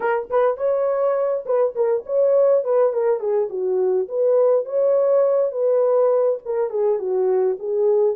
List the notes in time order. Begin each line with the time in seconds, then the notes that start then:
0.00 A#4
0.30 B4
0.57 C#5
1.45 B4
1.75 A#4
2.05 C#5
2.63 B4
2.92 A#4
3.19 G#4
3.50 F#4
4.08 B4
4.65 C#5
5.51 B4
6.45 A#4
6.70 G#4
6.98 F#4
7.59 G#4